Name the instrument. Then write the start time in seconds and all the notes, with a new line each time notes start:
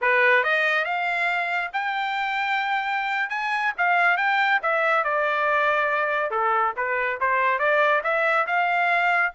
trumpet
0.01 B4
0.43 D#5
0.85 F5
1.72 G5
3.29 G#5
3.77 F5
4.17 G5
4.62 E5
5.04 D5
6.30 A4
6.76 B4
7.20 C5
7.58 D5
8.03 E5
8.46 F5